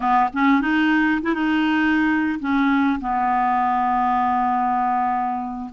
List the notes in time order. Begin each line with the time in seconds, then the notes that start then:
0.00 B3
0.33 C#4
0.61 D#4
1.22 E4
1.34 D#4
2.39 C#4
3.00 B3